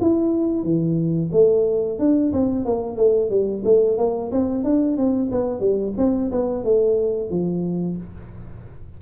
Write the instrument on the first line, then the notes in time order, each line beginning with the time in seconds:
tuba
0.00 E4
0.63 E3
1.32 A3
1.99 D4
2.33 C4
2.65 A#3
2.96 A3
3.30 G3
3.64 A3
3.98 A#3
4.32 C4
4.64 D4
4.97 C4
5.31 B3
5.60 G3
5.97 C4
6.31 B3
6.64 A3
7.30 F3